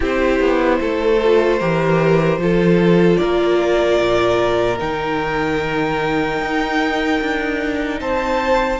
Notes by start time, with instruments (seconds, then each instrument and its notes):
0.00 cello C4, viola E4, violin G4 C5
0.40 cello B3
0.80 cello A3, violin A4
1.23 viola F4
1.59 cello E3, viola G4, violin A#4
2.37 cello F3, viola F4, violin A4
3.16 cello A#3, violin A#4 D5
3.99 cello A#2
4.78 cello D#3, viola D#4, violin G5
6.40 cello D#4
7.21 cello D4
8.00 cello C4, violin C5 A5